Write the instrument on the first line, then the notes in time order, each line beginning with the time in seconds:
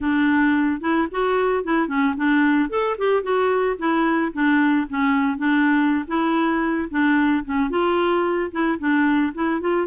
clarinet
0.00 D4
0.80 E4
1.11 F#4
1.64 E4
1.87 C#4
2.16 D4
2.69 A4
2.98 G4
3.23 F#4
3.78 E4
4.33 D4
4.89 C#4
5.37 D4
6.07 E4
6.90 D4
7.44 C#4
7.70 F4
8.51 E4
8.78 D4
9.34 E4
9.60 F4